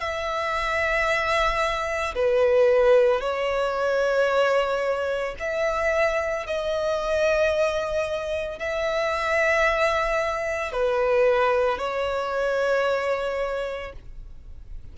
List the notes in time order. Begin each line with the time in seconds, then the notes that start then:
0.00 E5
2.15 B4
3.20 C#5
5.40 E5
6.47 D#5
8.59 E5
10.72 B4
11.78 C#5